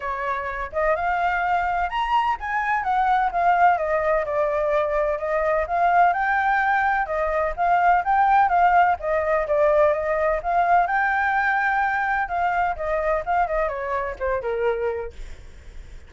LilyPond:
\new Staff \with { instrumentName = "flute" } { \time 4/4 \tempo 4 = 127 cis''4. dis''8 f''2 | ais''4 gis''4 fis''4 f''4 | dis''4 d''2 dis''4 | f''4 g''2 dis''4 |
f''4 g''4 f''4 dis''4 | d''4 dis''4 f''4 g''4~ | g''2 f''4 dis''4 | f''8 dis''8 cis''4 c''8 ais'4. | }